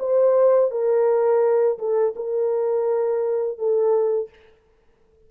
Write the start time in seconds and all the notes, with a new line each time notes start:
0.00 C5
0.71 A#4
1.79 A4
2.16 A#4
3.58 A4